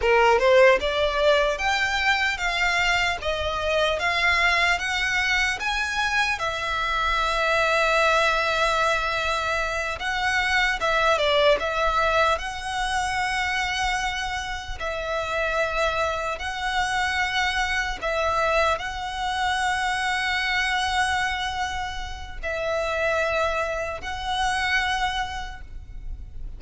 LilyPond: \new Staff \with { instrumentName = "violin" } { \time 4/4 \tempo 4 = 75 ais'8 c''8 d''4 g''4 f''4 | dis''4 f''4 fis''4 gis''4 | e''1~ | e''8 fis''4 e''8 d''8 e''4 fis''8~ |
fis''2~ fis''8 e''4.~ | e''8 fis''2 e''4 fis''8~ | fis''1 | e''2 fis''2 | }